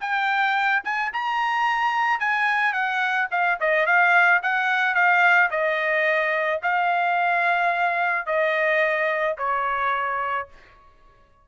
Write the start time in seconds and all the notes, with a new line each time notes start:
0.00 G5
0.84 G#5
1.13 A#5
2.20 G#5
2.73 F#5
3.31 F5
3.60 D#5
3.86 F5
4.43 F#5
4.94 F5
5.50 D#5
6.63 F5
8.26 D#5
9.38 C#5